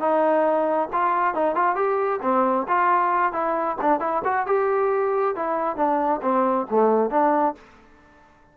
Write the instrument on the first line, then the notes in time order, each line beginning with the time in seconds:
trombone
0.00 D#4
0.93 F4
1.35 D#4
1.56 F4
1.76 G4
2.22 C4
2.68 F4
3.32 E4
3.81 D4
4.00 E4
4.24 F#4
4.47 G4
5.36 E4
5.76 D4
6.22 C4
6.71 A3
7.11 D4